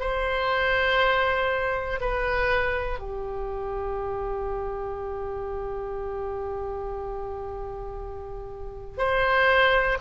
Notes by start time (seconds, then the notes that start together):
0.00 C5
2.00 B4
2.99 G4
8.98 C5